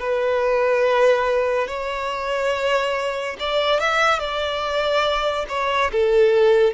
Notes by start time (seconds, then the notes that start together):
0.00 B4
1.68 C#5
3.40 D5
3.80 E5
4.19 D5
5.49 C#5
5.92 A4